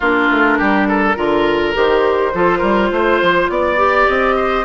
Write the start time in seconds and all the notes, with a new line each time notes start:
0.00 A#3 D4 F4 A#4
0.30 A3
0.58 G3 G4
0.88 A4
1.16 D3 F4 A#4
1.74 D#3 G4 C5
2.33 F3 F4 A4
2.58 G3 A#4
2.91 A3 C5
3.22 F3
3.49 B3 D5
3.76 G4
4.08 C4 D#5
4.36 C5